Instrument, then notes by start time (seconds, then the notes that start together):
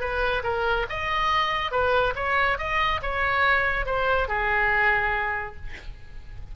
oboe
0.00 B4
0.43 A#4
0.89 D#5
1.71 B4
2.15 C#5
2.58 D#5
3.02 C#5
3.86 C5
4.28 G#4